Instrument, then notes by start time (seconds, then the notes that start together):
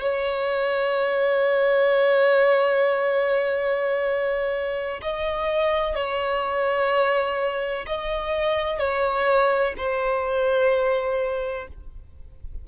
violin
0.00 C#5
5.02 D#5
5.95 C#5
7.86 D#5
8.78 C#5
9.77 C5